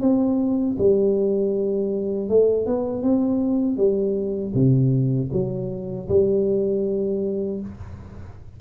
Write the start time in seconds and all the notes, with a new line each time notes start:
0.00 C4
0.78 G3
2.29 A3
2.66 B3
3.02 C4
3.77 G3
4.54 C3
5.32 F#3
6.08 G3